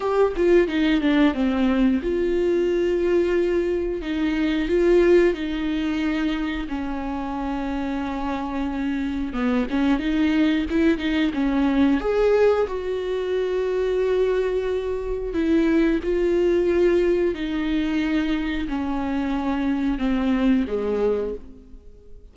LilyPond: \new Staff \with { instrumentName = "viola" } { \time 4/4 \tempo 4 = 90 g'8 f'8 dis'8 d'8 c'4 f'4~ | f'2 dis'4 f'4 | dis'2 cis'2~ | cis'2 b8 cis'8 dis'4 |
e'8 dis'8 cis'4 gis'4 fis'4~ | fis'2. e'4 | f'2 dis'2 | cis'2 c'4 gis4 | }